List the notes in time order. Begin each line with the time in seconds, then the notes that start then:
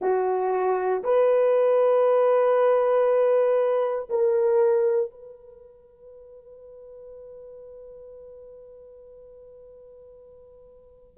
0.00 F#4
1.03 B4
4.09 A#4
5.10 B4